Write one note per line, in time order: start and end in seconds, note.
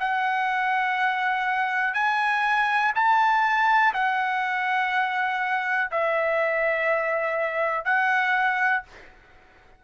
0.00 1.94 F#5
1.94 2.93 G#5
2.96 3.94 A5
3.94 5.91 F#5
5.92 7.85 E5
7.85 8.83 F#5